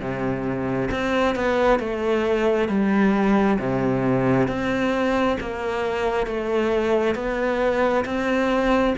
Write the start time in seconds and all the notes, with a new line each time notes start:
0.00 C3
0.91 C4
1.36 B3
1.80 A3
2.69 G3
3.59 C3
4.48 C4
5.41 A#3
6.27 A3
7.15 B3
8.05 C4